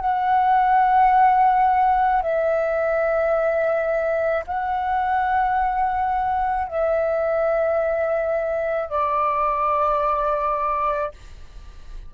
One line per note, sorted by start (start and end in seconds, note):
0.00 2.22 F#5
2.22 4.44 E5
4.46 6.67 F#5
6.67 8.89 E5
8.89 11.11 D5